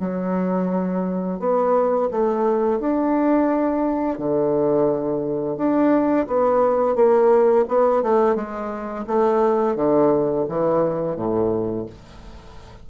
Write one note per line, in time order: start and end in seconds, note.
0.00 1.40 F#3
1.40 2.09 B3
2.11 2.80 A3
2.80 4.19 D4
4.19 5.57 D3
5.57 6.27 D4
6.27 6.95 B3
6.95 7.65 A#3
7.68 8.03 B3
8.03 8.35 A3
8.35 9.05 G#3
9.07 9.76 A3
9.76 10.46 D3
10.48 11.16 E3
11.16 11.86 A2